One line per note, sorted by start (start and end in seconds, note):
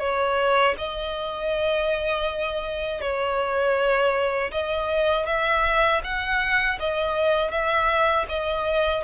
0.00 0.75 C#5
0.78 3.01 D#5
3.01 4.51 C#5
4.51 5.26 D#5
5.26 6.01 E5
6.04 6.79 F#5
6.79 7.51 D#5
7.51 8.26 E5
8.28 9.03 D#5